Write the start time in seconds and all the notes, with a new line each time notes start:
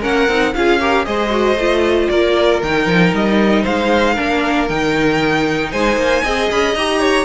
0.00 A#3 C#4 A#4 F#5
0.28 C4 D#4
0.54 C#4 F4 G#4 F5
0.80 G4 A#4
1.05 G#3 G#4 C5 D#5
1.30 F#4
1.57 A3 F4
2.08 A#3 A#4 D5
2.63 D#3 D#4 G5
2.86 F3
3.13 G3 D#5
3.62 G#3 C5 F5
4.14 A#3 D4 A#4
4.69 D#3 D#4 G5
5.72 G#3 C5 G#5
5.96 A#3
6.24 C4 G#4 D#5
6.51 C#4 B5
6.75 D#4 G4 A#5
7.00 C#5